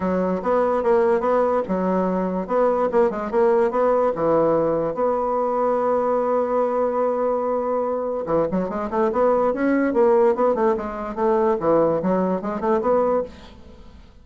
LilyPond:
\new Staff \with { instrumentName = "bassoon" } { \time 4/4 \tempo 4 = 145 fis4 b4 ais4 b4 | fis2 b4 ais8 gis8 | ais4 b4 e2 | b1~ |
b1 | e8 fis8 gis8 a8 b4 cis'4 | ais4 b8 a8 gis4 a4 | e4 fis4 gis8 a8 b4 | }